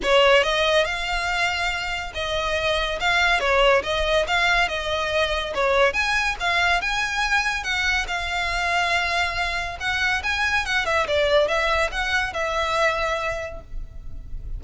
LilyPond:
\new Staff \with { instrumentName = "violin" } { \time 4/4 \tempo 4 = 141 cis''4 dis''4 f''2~ | f''4 dis''2 f''4 | cis''4 dis''4 f''4 dis''4~ | dis''4 cis''4 gis''4 f''4 |
gis''2 fis''4 f''4~ | f''2. fis''4 | gis''4 fis''8 e''8 d''4 e''4 | fis''4 e''2. | }